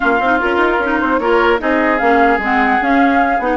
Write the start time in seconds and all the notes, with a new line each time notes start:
0.00 A#3 C#4 F4 F5
0.20 C4 D#4
0.39 C#4 F4 A#4
0.56 D#4
0.79 C#4 D#4
1.00 C4 C5
1.19 A#3 F4 A#4 C#5
1.59 C4 D#4 G#4 D#5
1.98 A#3 C#4 F5
2.38 G#3 C4 F#5
2.81 C#4 F5
3.39 B3 D#4 F#5